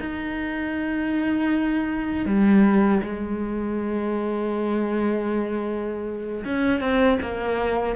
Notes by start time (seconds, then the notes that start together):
0.00 D#4
2.25 G3
3.03 G#3
6.45 C#4
6.80 C4
7.22 A#3